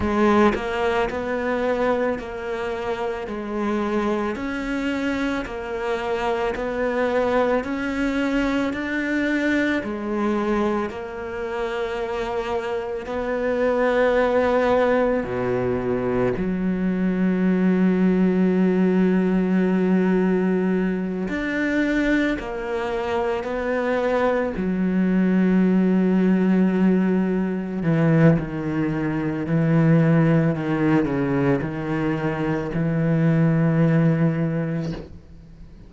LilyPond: \new Staff \with { instrumentName = "cello" } { \time 4/4 \tempo 4 = 55 gis8 ais8 b4 ais4 gis4 | cis'4 ais4 b4 cis'4 | d'4 gis4 ais2 | b2 b,4 fis4~ |
fis2.~ fis8 d'8~ | d'8 ais4 b4 fis4.~ | fis4. e8 dis4 e4 | dis8 cis8 dis4 e2 | }